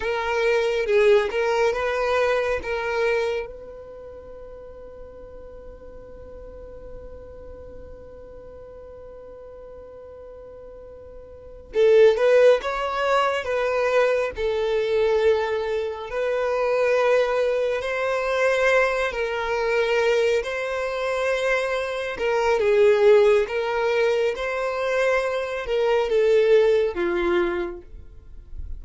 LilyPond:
\new Staff \with { instrumentName = "violin" } { \time 4/4 \tempo 4 = 69 ais'4 gis'8 ais'8 b'4 ais'4 | b'1~ | b'1~ | b'4. a'8 b'8 cis''4 b'8~ |
b'8 a'2 b'4.~ | b'8 c''4. ais'4. c''8~ | c''4. ais'8 gis'4 ais'4 | c''4. ais'8 a'4 f'4 | }